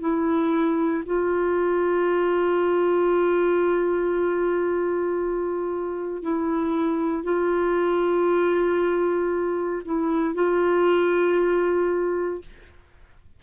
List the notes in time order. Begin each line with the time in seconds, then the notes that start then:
0.00 E4
1.05 F4
6.23 E4
7.24 F4
9.85 E4
10.34 F4